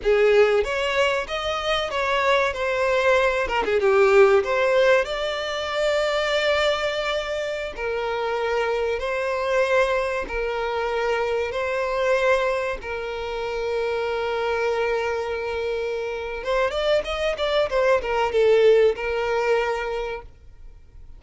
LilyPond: \new Staff \with { instrumentName = "violin" } { \time 4/4 \tempo 4 = 95 gis'4 cis''4 dis''4 cis''4 | c''4. ais'16 gis'16 g'4 c''4 | d''1~ | d''16 ais'2 c''4.~ c''16~ |
c''16 ais'2 c''4.~ c''16~ | c''16 ais'2.~ ais'8.~ | ais'2 c''8 d''8 dis''8 d''8 | c''8 ais'8 a'4 ais'2 | }